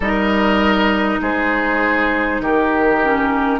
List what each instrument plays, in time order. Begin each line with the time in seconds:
0.00 bassoon G3, clarinet D#4, oboe A#4, flute D#5
1.20 bassoon G#3, oboe G#4, flute C5
2.40 bassoon D#3, oboe G4, flute A#4
3.02 clarinet C#4